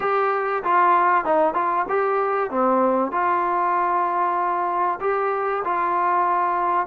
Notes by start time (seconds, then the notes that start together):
0.00 G4
0.63 F4
1.24 D#4
1.54 F4
1.89 G4
2.50 C4
3.11 F4
5.00 G4
5.64 F4